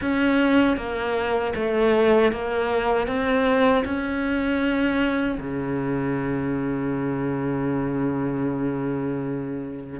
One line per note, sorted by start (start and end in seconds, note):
0.01 0.77 C#4
0.77 1.53 A#3
1.55 2.31 A3
2.32 3.07 A#3
3.07 3.84 C4
3.84 5.38 C#4
5.40 10.00 C#3